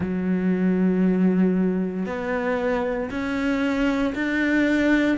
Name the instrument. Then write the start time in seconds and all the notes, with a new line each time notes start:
cello
0.00 F#3
2.05 B3
3.10 C#4
4.14 D4